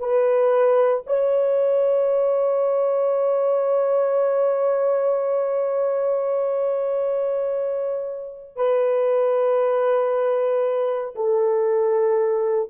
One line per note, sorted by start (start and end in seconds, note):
0.00 1.03 B4
1.07 8.56 C#5
8.56 11.14 B4
11.15 12.70 A4